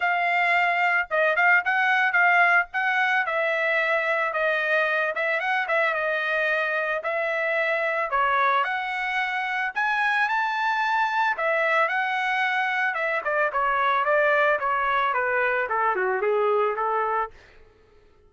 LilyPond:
\new Staff \with { instrumentName = "trumpet" } { \time 4/4 \tempo 4 = 111 f''2 dis''8 f''8 fis''4 | f''4 fis''4 e''2 | dis''4. e''8 fis''8 e''8 dis''4~ | dis''4 e''2 cis''4 |
fis''2 gis''4 a''4~ | a''4 e''4 fis''2 | e''8 d''8 cis''4 d''4 cis''4 | b'4 a'8 fis'8 gis'4 a'4 | }